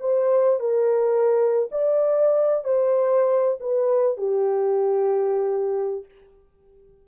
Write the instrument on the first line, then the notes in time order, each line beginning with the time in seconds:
horn
0.00 C5
0.60 A#4
1.71 D5
2.64 C5
3.60 B4
4.17 G4